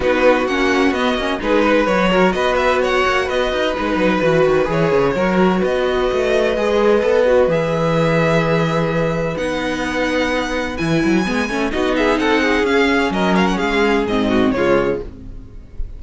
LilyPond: <<
  \new Staff \with { instrumentName = "violin" } { \time 4/4 \tempo 4 = 128 b'4 fis''4 dis''4 b'4 | cis''4 dis''8 e''8 fis''4 dis''4 | b'2 cis''2 | dis''1 |
e''1 | fis''2. gis''4~ | gis''4 dis''8 e''8 fis''4 f''4 | dis''8 f''16 fis''16 f''4 dis''4 cis''4 | }
  \new Staff \with { instrumentName = "violin" } { \time 4/4 fis'2. gis'8 b'8~ | b'8 ais'8 b'4 cis''4 b'4~ | b'2. ais'4 | b'1~ |
b'1~ | b'1~ | b'4 fis'8 gis'8 a'8 gis'4. | ais'4 gis'4. fis'8 f'4 | }
  \new Staff \with { instrumentName = "viola" } { \time 4/4 dis'4 cis'4 b8 cis'8 dis'4 | fis'1 | dis'4 fis'4 gis'4 fis'4~ | fis'2 gis'4 a'8 fis'8 |
gis'1 | dis'2. e'4 | b8 cis'8 dis'2 cis'4~ | cis'2 c'4 gis4 | }
  \new Staff \with { instrumentName = "cello" } { \time 4/4 b4 ais4 b8 ais8 gis4 | fis4 b4. ais8 b8 dis'8 | gis8 fis8 e8 dis8 e8 cis8 fis4 | b4 a4 gis4 b4 |
e1 | b2. e8 fis8 | gis8 a8 b4 c'4 cis'4 | fis4 gis4 gis,4 cis4 | }
>>